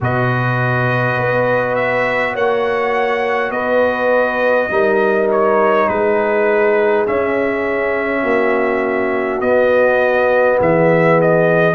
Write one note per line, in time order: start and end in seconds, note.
0.00 1.17 B2
0.00 4.71 F#4
0.00 2.33 B4
0.00 1.75 D#5
1.17 2.34 B3
1.75 2.34 E5
2.33 3.50 A#3
2.33 3.50 C#5
2.33 3.51 F#5
3.50 4.67 B3
3.50 4.70 B4
3.50 5.27 D#5
4.70 5.87 G3
4.70 7.06 D#4
4.70 5.89 A#4
5.31 5.88 C#5
5.88 7.06 G#3
5.88 8.22 G#4
5.88 7.06 B4
7.06 9.41 C#4
7.06 8.23 C#4
7.06 9.40 E5
8.22 9.40 A#3
8.22 10.57 F#4
9.40 10.58 B3
9.40 11.75 B3
9.40 10.58 D#5
10.58 11.75 E3
10.58 11.75 G#4
10.58 11.20 E5
11.21 11.75 D#5